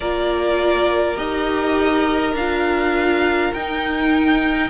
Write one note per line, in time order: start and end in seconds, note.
0.00 1.17 A#3
0.00 1.15 F4
0.00 4.68 A#4
0.00 1.16 D5
1.15 2.33 D#4
1.15 2.33 G4
1.15 2.34 D#5
2.33 3.51 D4
2.33 3.56 F4
2.33 3.53 F5
3.53 4.70 D#4
3.53 4.70 G5